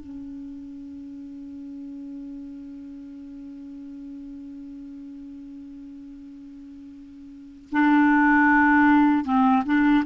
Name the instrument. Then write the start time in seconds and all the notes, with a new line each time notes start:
clarinet
0.00 C#4
7.72 D4
9.24 C4
9.65 D4